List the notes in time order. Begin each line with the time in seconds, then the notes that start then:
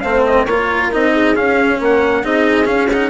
0.00 A3 C4 C5 F5
0.26 D#5
0.45 A#3 F4 A#4 C#5
0.92 C4 D#4 D#5
1.12 G#4
1.35 C#4 F5
1.80 A#3 A#4 F#5
2.23 C4 D#4 G#4 D#5
2.65 C#4 F5
2.91 D#4 F#5